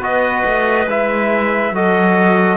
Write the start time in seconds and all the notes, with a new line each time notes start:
0.00 B3 F#4 B4 D#5
0.46 A3
0.87 G#3 E4 E5
1.71 F#3 F#4 A4 D#5